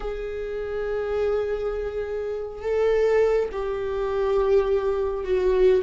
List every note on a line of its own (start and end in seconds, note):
0.00 2.62 G#4
2.62 3.49 A4
3.52 5.24 G4
5.24 5.82 F#4